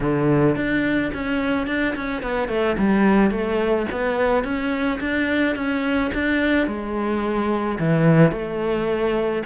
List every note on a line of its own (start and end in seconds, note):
0.00 0.56 D3
0.56 1.11 D4
1.13 1.66 C#4
1.66 1.94 D4
1.95 2.22 C#4
2.22 2.48 B3
2.48 2.76 A3
2.78 3.31 G3
3.31 3.86 A3
3.91 4.44 B3
4.44 4.99 C#4
5.00 5.55 D4
5.55 6.11 C#4
6.14 6.67 D4
6.67 7.78 G#3
7.79 8.31 E3
8.31 9.42 A3